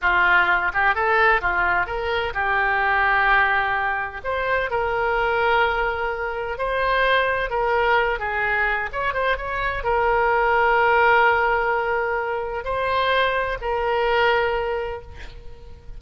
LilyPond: \new Staff \with { instrumentName = "oboe" } { \time 4/4 \tempo 4 = 128 f'4. g'8 a'4 f'4 | ais'4 g'2.~ | g'4 c''4 ais'2~ | ais'2 c''2 |
ais'4. gis'4. cis''8 c''8 | cis''4 ais'2.~ | ais'2. c''4~ | c''4 ais'2. | }